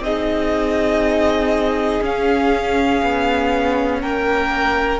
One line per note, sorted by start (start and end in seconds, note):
0.00 2.00 C4
0.00 2.02 D#4
0.00 4.01 G#4
0.00 2.03 D#5
2.01 3.01 C#4
2.01 5.00 C#4
2.01 4.02 F5
3.02 4.02 B3
4.01 5.00 A#3
4.01 5.00 A#4
4.01 5.00 G5